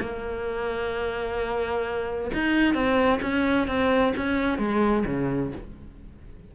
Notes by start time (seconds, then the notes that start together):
0.00 A#3
2.34 D#4
2.74 C4
3.22 C#4
3.67 C4
4.16 C#4
4.58 G#3
5.06 C#3